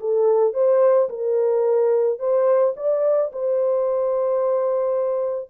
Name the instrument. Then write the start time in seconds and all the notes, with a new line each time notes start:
horn
0.00 A4
0.54 C5
1.09 A#4
2.19 C5
2.76 D5
3.32 C5